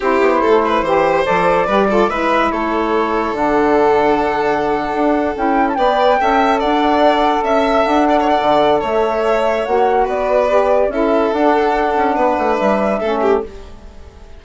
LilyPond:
<<
  \new Staff \with { instrumentName = "flute" } { \time 4/4 \tempo 4 = 143 c''2. d''4~ | d''4 e''4 cis''2 | fis''1~ | fis''8. g''8. a''16 g''2 fis''16~ |
fis''4.~ fis''16 e''4 fis''4~ fis''16~ | fis''4 e''2 fis''4 | d''2 e''4 fis''4~ | fis''2 e''2 | }
  \new Staff \with { instrumentName = "violin" } { \time 4/4 g'4 a'8 b'8 c''2 | b'8 a'8 b'4 a'2~ | a'1~ | a'4.~ a'16 d''4 e''4 d''16~ |
d''4.~ d''16 e''4. d''16 cis''16 d''16~ | d''4 cis''2. | b'2 a'2~ | a'4 b'2 a'8 g'8 | }
  \new Staff \with { instrumentName = "saxophone" } { \time 4/4 e'2 g'4 a'4 | g'8 f'8 e'2. | d'1~ | d'8. e'4 b'4 a'4~ a'16~ |
a'1~ | a'2. fis'4~ | fis'4 g'4 e'4 d'4~ | d'2. cis'4 | }
  \new Staff \with { instrumentName = "bassoon" } { \time 4/4 c'8 b8 a4 e4 f4 | g4 gis4 a2 | d2.~ d8. d'16~ | d'8. cis'4 b4 cis'4 d'16~ |
d'4.~ d'16 cis'4 d'4~ d'16 | d4 a2 ais4 | b2 cis'4 d'4~ | d'8 cis'8 b8 a8 g4 a4 | }
>>